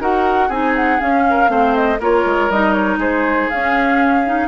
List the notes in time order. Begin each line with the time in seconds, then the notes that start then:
0.00 D#4 F#4 A#4 F#5
0.48 C4 D#4 G#4 G#5
0.76 F#5
1.00 C#4 F5
1.30 A#4
1.47 A3 C4 C5
1.75 D#5
2.00 A#3 F4 A#4 C#5
2.25 G#3
2.50 G3 D#4 D#5
2.73 C#5
2.98 G#3 G#4 C5
3.50 C#4 F5
4.26 D#4